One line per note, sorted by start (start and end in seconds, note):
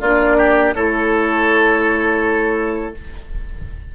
0.00 0.74 A#3
0.00 0.75 D4
0.00 0.37 F4
0.00 0.73 D5
0.38 0.74 G4
0.74 2.94 A3
0.74 2.94 E4
0.74 2.95 A4
0.74 2.94 C#5